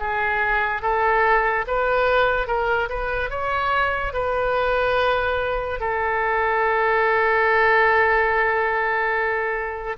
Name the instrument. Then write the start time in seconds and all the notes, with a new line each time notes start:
oboe
0.00 G#4
0.82 A4
1.67 B4
2.47 A#4
2.90 B4
3.31 C#5
4.14 B4
5.80 A4